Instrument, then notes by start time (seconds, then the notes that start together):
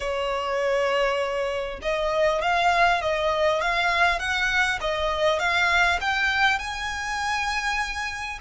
violin
0.00 C#5
1.82 D#5
2.41 F5
3.01 D#5
3.61 F5
4.19 F#5
4.80 D#5
5.39 F5
6.00 G5
6.58 G#5